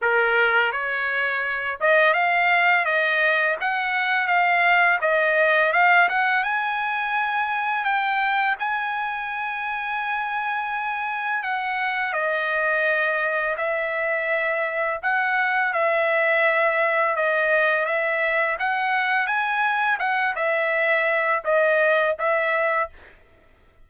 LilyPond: \new Staff \with { instrumentName = "trumpet" } { \time 4/4 \tempo 4 = 84 ais'4 cis''4. dis''8 f''4 | dis''4 fis''4 f''4 dis''4 | f''8 fis''8 gis''2 g''4 | gis''1 |
fis''4 dis''2 e''4~ | e''4 fis''4 e''2 | dis''4 e''4 fis''4 gis''4 | fis''8 e''4. dis''4 e''4 | }